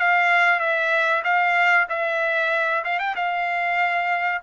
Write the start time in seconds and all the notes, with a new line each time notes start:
0.00 F5
0.60 E5
1.24 F5
1.89 E5
2.85 F5
3.00 G5
3.16 F5